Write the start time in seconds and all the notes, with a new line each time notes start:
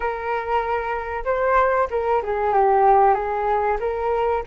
0.00 A#4
1.25 C5
1.90 A#4
2.22 G#4
2.53 G4
3.14 G#4
3.80 A#4